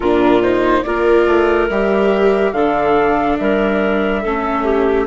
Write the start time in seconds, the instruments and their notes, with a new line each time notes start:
0.00 bassoon A#2, viola D4, clarinet F4, flute A#4
0.42 viola D#4, flute C5
0.82 bassoon A#3, viola F4, clarinet A#4, flute D5
1.26 bassoon A3
1.69 bassoon G3, viola G4, flute E5
2.52 bassoon D3, viola D4, clarinet A4, flute F5
3.37 bassoon G3, clarinet A#4, flute E5
4.21 bassoon A3, viola C#4, clarinet A4
4.63 clarinet G4